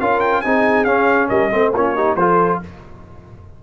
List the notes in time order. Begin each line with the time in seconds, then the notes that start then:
0.00 C#4 F4 A#4 F5
0.20 G5
0.41 C4 D#4 G#4 G#5
0.84 C#4 F5
1.28 G3 A#4 D#5
1.51 A3 C4 C5
1.73 A#3 C#4 F4 C#5
1.94 D#4 G4
2.16 F3 F4 A4 C5